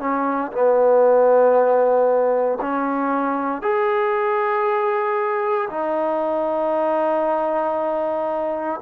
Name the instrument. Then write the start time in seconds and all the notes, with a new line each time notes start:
trombone
0.00 C#4
0.52 B3
2.61 C#4
3.62 G#4
5.70 D#4